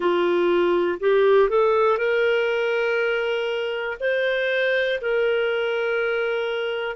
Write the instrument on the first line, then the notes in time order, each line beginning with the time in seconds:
clarinet
0.00 F4
1.00 G4
1.49 A4
1.97 A#4
4.00 C5
5.01 A#4